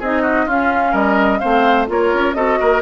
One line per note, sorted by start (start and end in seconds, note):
0.00 0.47 C4
0.00 0.49 D#4
0.00 0.22 G#4
0.00 0.50 D#5
0.22 0.46 F#4
0.46 0.93 C#4
0.46 1.40 C#4
0.46 0.92 F4
0.46 0.95 F5
0.92 1.40 G3
0.92 1.39 A#4
0.92 1.39 D#5
1.39 1.89 A3
1.39 1.87 C4
1.39 1.88 C5
1.39 1.86 F5
1.87 2.12 A#3
1.87 2.34 F4
1.87 2.36 A#4
1.87 2.34 C#5
2.14 2.35 C#4
2.34 2.59 C4
2.34 2.82 F#4
2.34 2.59 A4
2.34 2.81 D#5
2.60 2.82 A#3
2.60 2.82 A#4